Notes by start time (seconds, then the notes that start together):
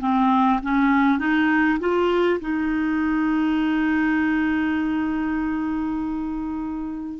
0.00 C4
0.63 C#4
1.19 D#4
1.79 F4
2.41 D#4